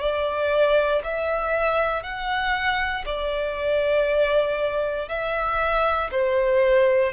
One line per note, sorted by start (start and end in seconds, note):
0.00 1.02 D5
1.03 2.02 E5
2.02 3.04 F#5
3.05 5.08 D5
5.08 6.10 E5
6.11 7.12 C5